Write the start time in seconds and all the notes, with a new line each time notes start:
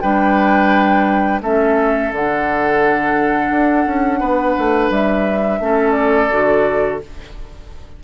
0.00 G3 D4 B4 G5
1.41 A3 C#4 A4 E5
2.11 D3 D4 F#5
3.50 D4
3.86 C#4
4.19 B3 B4
4.58 A3
4.90 G3 E5
5.59 A3 C#4 A4
5.91 D5
6.31 D3 F#4